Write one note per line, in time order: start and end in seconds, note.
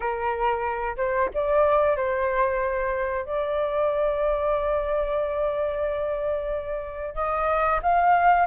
0.00 0.96 A#4
0.96 1.29 C5
1.34 1.96 D5
1.96 3.25 C5
3.25 7.14 D5
7.14 7.79 D#5
7.82 8.46 F5